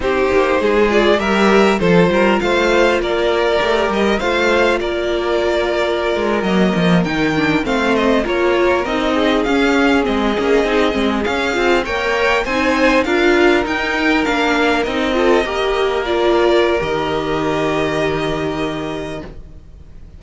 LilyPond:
<<
  \new Staff \with { instrumentName = "violin" } { \time 4/4 \tempo 4 = 100 c''4. d''8 e''4 c''4 | f''4 d''4. dis''8 f''4 | d''2~ d''8. dis''4 g''16~ | g''8. f''8 dis''8 cis''4 dis''4 f''16~ |
f''8. dis''2 f''4 g''16~ | g''8. gis''4 f''4 g''4 f''16~ | f''8. dis''2 d''4~ d''16 | dis''1 | }
  \new Staff \with { instrumentName = "violin" } { \time 4/4 g'4 gis'4 ais'4 a'8 ais'8 | c''4 ais'2 c''4 | ais'1~ | ais'8. c''4 ais'4. gis'8.~ |
gis'2.~ gis'8. cis''16~ | cis''8. c''4 ais'2~ ais'16~ | ais'4~ ais'16 a'8 ais'2~ ais'16~ | ais'1 | }
  \new Staff \with { instrumentName = "viola" } { \time 4/4 dis'4. f'8 g'4 f'4~ | f'2 g'4 f'4~ | f'2~ f'8. ais4 dis'16~ | dis'16 d'8 c'4 f'4 dis'4 cis'16~ |
cis'8. c'8 cis'8 dis'8 c'8 cis'8 f'8 ais'16~ | ais'8. dis'4 f'4 dis'4 d'16~ | d'8. dis'8 f'8 g'4 f'4~ f'16 | g'1 | }
  \new Staff \with { instrumentName = "cello" } { \time 4/4 c'8 ais8 gis4 g4 f8 g8 | a4 ais4 a8 g8 a4 | ais2~ ais16 gis8 fis8 f8 dis16~ | dis8. a4 ais4 c'4 cis'16~ |
cis'8. gis8 ais8 c'8 gis8 cis'8 c'8 ais16~ | ais8. c'4 d'4 dis'4 ais16~ | ais8. c'4 ais2~ ais16 | dis1 | }
>>